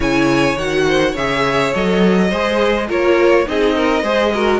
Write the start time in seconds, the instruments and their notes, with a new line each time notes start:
0.00 cello C#3, viola E4, violin C#5 G#5
0.56 cello D#3, viola F#4, violin F#5
0.87 violin C5
1.11 cello C#3, violin C#5 E5
1.18 viola G#4
1.73 cello F#3, viola A4, violin D#5
2.29 cello G#3, viola G#4, violin C5
2.87 cello A#3, viola F4, violin A#4 C#5
3.45 cello C4, viola D#4, violin G#4 D#5
3.75 violin A#4
4.02 cello G#3, viola G#4, violin C5
4.34 viola F#4, violin A#4